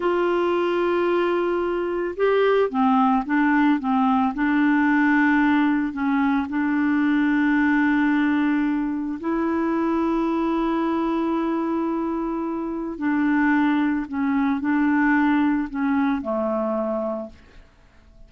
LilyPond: \new Staff \with { instrumentName = "clarinet" } { \time 4/4 \tempo 4 = 111 f'1 | g'4 c'4 d'4 c'4 | d'2. cis'4 | d'1~ |
d'4 e'2.~ | e'1 | d'2 cis'4 d'4~ | d'4 cis'4 a2 | }